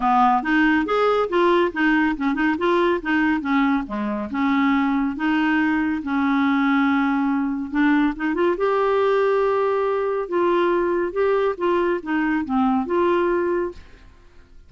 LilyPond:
\new Staff \with { instrumentName = "clarinet" } { \time 4/4 \tempo 4 = 140 b4 dis'4 gis'4 f'4 | dis'4 cis'8 dis'8 f'4 dis'4 | cis'4 gis4 cis'2 | dis'2 cis'2~ |
cis'2 d'4 dis'8 f'8 | g'1 | f'2 g'4 f'4 | dis'4 c'4 f'2 | }